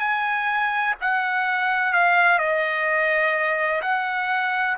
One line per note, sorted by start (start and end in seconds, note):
0.00 0.95 G#5
1.01 1.94 F#5
1.94 2.39 F5
2.39 3.81 D#5
3.82 4.77 F#5